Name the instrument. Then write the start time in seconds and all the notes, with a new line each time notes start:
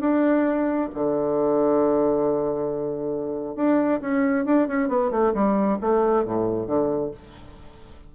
bassoon
0.00 D4
0.94 D3
3.56 D4
4.01 C#4
4.45 D4
4.67 C#4
4.88 B3
5.11 A3
5.34 G3
5.81 A3
6.25 A2
6.66 D3